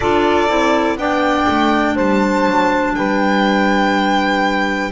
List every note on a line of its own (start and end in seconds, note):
0.00 0.48 D4
0.00 0.48 F4
0.00 0.97 A4
0.00 0.97 D5
0.48 0.97 C4
0.48 0.97 E4
0.97 1.46 B3
0.97 4.91 D4
0.97 1.94 D5
0.97 1.97 G5
1.47 1.96 A3
1.94 2.46 G3
1.94 2.93 C5
1.94 2.95 A5
2.46 2.95 F#3
2.95 4.91 G3
2.95 4.91 B4
2.95 4.91 G5